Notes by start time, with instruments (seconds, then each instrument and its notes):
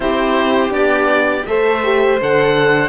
0.00 cello C4, horn E4, violin G4, oboe C5
0.70 cello B3, horn D4, oboe D5
1.46 cello A3, horn A4, violin C5, oboe E5
1.83 horn G4
2.21 cello D3, horn A4, oboe F#5